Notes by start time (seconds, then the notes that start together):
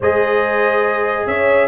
0.00 G#3 G#4 C5 D#5
1.26 C#4 C#5 E5